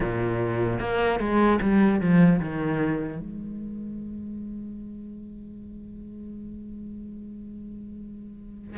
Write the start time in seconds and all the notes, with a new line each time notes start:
0.00 A#2
0.79 A#3
1.19 G#3
1.61 G3
2.00 F3
2.39 D#3
3.19 G#3